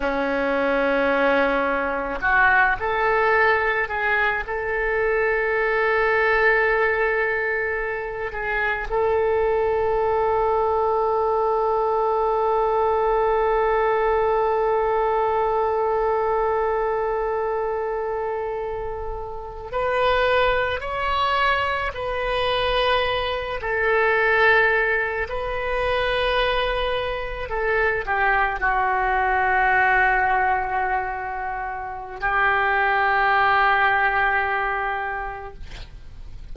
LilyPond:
\new Staff \with { instrumentName = "oboe" } { \time 4/4 \tempo 4 = 54 cis'2 fis'8 a'4 gis'8 | a'2.~ a'8 gis'8 | a'1~ | a'1~ |
a'4.~ a'16 b'4 cis''4 b'16~ | b'4~ b'16 a'4. b'4~ b'16~ | b'8. a'8 g'8 fis'2~ fis'16~ | fis'4 g'2. | }